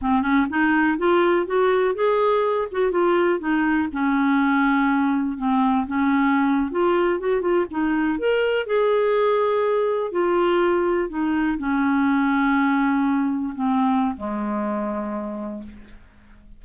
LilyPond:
\new Staff \with { instrumentName = "clarinet" } { \time 4/4 \tempo 4 = 123 c'8 cis'8 dis'4 f'4 fis'4 | gis'4. fis'8 f'4 dis'4 | cis'2. c'4 | cis'4.~ cis'16 f'4 fis'8 f'8 dis'16~ |
dis'8. ais'4 gis'2~ gis'16~ | gis'8. f'2 dis'4 cis'16~ | cis'2.~ cis'8. c'16~ | c'4 gis2. | }